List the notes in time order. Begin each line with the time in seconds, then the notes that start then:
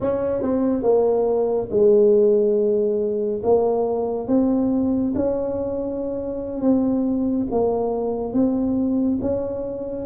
0.00 C#4
0.42 C4
0.83 A#3
1.70 G#3
3.43 A#3
4.27 C4
5.15 C#4
6.61 C4
7.50 A#3
8.33 C4
9.21 C#4